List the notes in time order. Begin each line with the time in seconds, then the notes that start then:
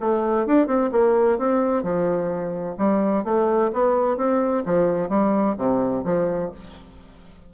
0.00 A3
0.46 D4
0.67 C4
0.92 A#3
1.38 C4
1.83 F3
2.78 G3
3.24 A3
3.73 B3
4.17 C4
4.65 F3
5.09 G3
5.58 C3
6.04 F3